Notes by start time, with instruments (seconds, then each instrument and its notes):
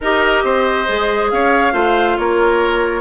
0.00 bassoon D#4, clarinet G4, oboe A#4, flute D#5
0.43 bassoon C4, oboe C5
0.87 bassoon G#3, clarinet G#4
1.30 bassoon C#4, oboe C#5, flute F5
1.72 bassoon A3, clarinet F4, oboe C5
2.17 bassoon A#3, oboe A#4, flute C#5